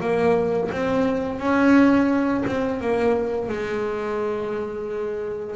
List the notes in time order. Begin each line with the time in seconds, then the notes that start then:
0.00 A#3
0.72 C4
1.39 C#4
2.46 C4
2.81 A#3
3.49 G#3